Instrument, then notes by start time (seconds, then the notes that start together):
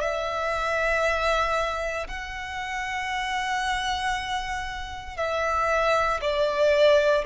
violin
0.00 E5
2.07 F#5
5.16 E5
6.21 D5